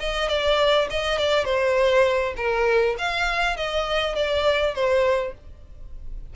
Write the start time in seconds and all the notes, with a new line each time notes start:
0.00 D#5
0.29 D5
0.90 D#5
1.19 D5
1.45 C5
2.37 A#4
2.98 F5
3.57 D#5
4.16 D5
4.75 C5